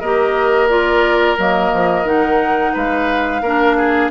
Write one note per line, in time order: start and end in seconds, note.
0.00 1.38 A#3
0.00 0.69 G4
0.00 2.73 A#4
0.00 0.68 D#5
0.69 1.37 F4
0.69 1.37 D5
1.38 1.72 F#3
1.38 2.06 A#3
1.38 2.07 D#5
1.73 2.05 F3
2.05 2.73 D#3
2.05 3.42 D#4
2.05 2.75 F#5
2.74 3.42 G#3
2.74 3.42 B4
2.74 4.11 F5
3.42 4.10 A#3
3.42 4.11 D4
3.42 3.77 A#4
3.78 4.11 G#4